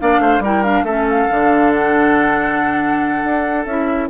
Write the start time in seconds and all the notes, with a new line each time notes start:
0.00 A#3 D4 D5 F5
0.19 A3 C5
0.39 G3 E4 A#4 G5
0.64 D4 F5
0.84 A3 C#4 A4 E5
1.09 F5
1.30 D3 D4
1.73 F#5
3.24 D4
3.66 C#4 E4 E5